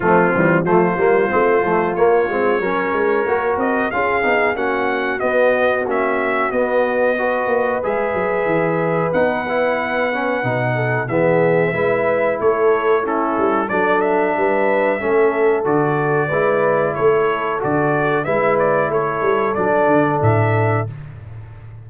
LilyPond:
<<
  \new Staff \with { instrumentName = "trumpet" } { \time 4/4 \tempo 4 = 92 f'4 c''2 cis''4~ | cis''4. dis''8 f''4 fis''4 | dis''4 e''4 dis''2 | e''2 fis''2~ |
fis''4 e''2 cis''4 | a'4 d''8 e''2~ e''8 | d''2 cis''4 d''4 | e''8 d''8 cis''4 d''4 e''4 | }
  \new Staff \with { instrumentName = "horn" } { \time 4/4 c'4 f'2. | ais'2 gis'4 fis'4~ | fis'2. b'4~ | b'1~ |
b'8 a'8 gis'4 b'4 a'4 | e'4 a'4 b'4 a'4~ | a'4 b'4 a'2 | b'4 a'2. | }
  \new Staff \with { instrumentName = "trombone" } { \time 4/4 a8 g8 a8 ais8 c'8 a8 ais8 c'8 | cis'4 fis'4 f'8 dis'8 cis'4 | b4 cis'4 b4 fis'4 | gis'2 dis'8 e'4 cis'8 |
dis'4 b4 e'2 | cis'4 d'2 cis'4 | fis'4 e'2 fis'4 | e'2 d'2 | }
  \new Staff \with { instrumentName = "tuba" } { \time 4/4 f8 e8 f8 g8 a8 f8 ais8 gis8 | fis8 gis8 ais8 c'8 cis'8 b8 ais4 | b4 ais4 b4. ais8 | gis8 fis8 e4 b2 |
b,4 e4 gis4 a4~ | a8 g8 fis4 g4 a4 | d4 gis4 a4 d4 | gis4 a8 g8 fis8 d8 a,4 | }
>>